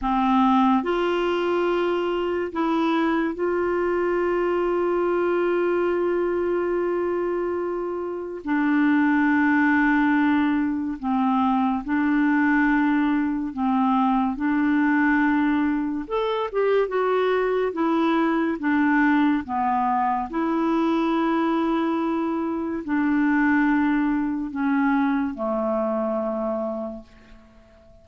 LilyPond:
\new Staff \with { instrumentName = "clarinet" } { \time 4/4 \tempo 4 = 71 c'4 f'2 e'4 | f'1~ | f'2 d'2~ | d'4 c'4 d'2 |
c'4 d'2 a'8 g'8 | fis'4 e'4 d'4 b4 | e'2. d'4~ | d'4 cis'4 a2 | }